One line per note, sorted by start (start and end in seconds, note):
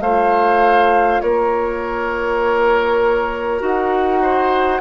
0.00 1.20 A3
0.00 3.60 F4
0.00 1.22 C5
0.00 1.21 F5
1.21 3.61 A#3
1.21 4.22 A#4
1.21 3.61 C#5
3.60 4.81 D#4
3.60 4.80 F#4
3.60 4.81 F#5
4.22 4.81 C5